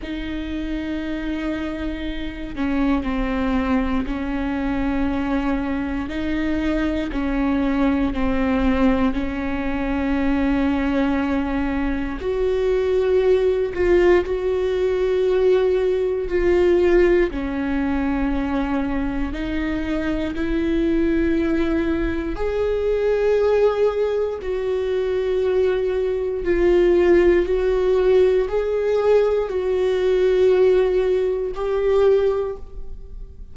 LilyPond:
\new Staff \with { instrumentName = "viola" } { \time 4/4 \tempo 4 = 59 dis'2~ dis'8 cis'8 c'4 | cis'2 dis'4 cis'4 | c'4 cis'2. | fis'4. f'8 fis'2 |
f'4 cis'2 dis'4 | e'2 gis'2 | fis'2 f'4 fis'4 | gis'4 fis'2 g'4 | }